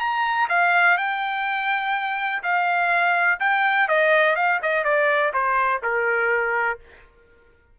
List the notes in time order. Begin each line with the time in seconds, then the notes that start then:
0.00 A#5
0.49 F5
0.97 G5
2.43 F5
3.40 G5
3.88 D#5
4.36 F5
4.63 D#5
4.85 D5
5.34 C5
5.83 A#4